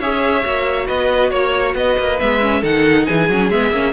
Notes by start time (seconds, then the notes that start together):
0.00 C#4 G#4 C#5 E5
0.44 A#3 F#4
0.87 B3 B4 D#5
1.31 A#3 C#5
1.75 B3 B4 D#5
1.99 A#3
2.20 G#3 B3 E5
2.41 C#4
2.61 D#3 D#4 A4 F#5
3.06 E3 G#4 G#5
3.29 F#3 C#4
3.50 G#3 B3 E5
3.71 A#3 C#4